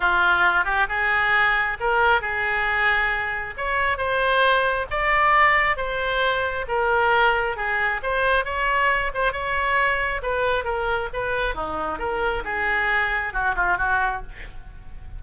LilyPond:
\new Staff \with { instrumentName = "oboe" } { \time 4/4 \tempo 4 = 135 f'4. g'8 gis'2 | ais'4 gis'2. | cis''4 c''2 d''4~ | d''4 c''2 ais'4~ |
ais'4 gis'4 c''4 cis''4~ | cis''8 c''8 cis''2 b'4 | ais'4 b'4 dis'4 ais'4 | gis'2 fis'8 f'8 fis'4 | }